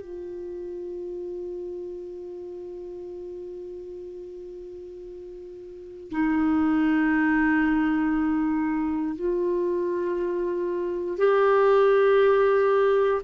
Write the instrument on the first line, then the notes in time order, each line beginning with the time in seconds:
clarinet
0.00 F4
6.11 D#4
9.16 F4
11.18 G4